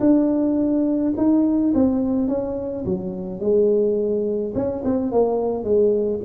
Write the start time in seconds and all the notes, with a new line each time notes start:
0.00 D4
1.17 D#4
1.74 C4
2.28 C#4
2.85 F#3
3.40 G#3
4.54 C#4
4.84 C4
5.11 A#3
5.64 G#3